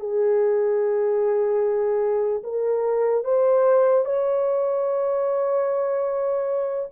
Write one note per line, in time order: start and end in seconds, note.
0.00 2.43 G#4
2.44 3.24 A#4
3.24 4.05 C5
4.05 6.89 C#5